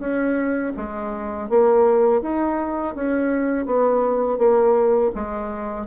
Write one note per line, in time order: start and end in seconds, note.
0.00 0.73 C#4
0.77 1.50 G#3
1.50 2.23 A#3
2.23 2.96 D#4
2.96 3.67 C#4
3.67 4.39 B3
4.39 5.12 A#3
5.16 5.87 G#3